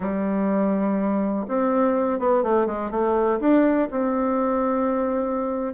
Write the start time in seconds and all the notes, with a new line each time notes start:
0.00 G3
1.47 C4
2.19 B3
2.43 A3
2.66 G#3
2.90 A3
3.39 D4
3.90 C4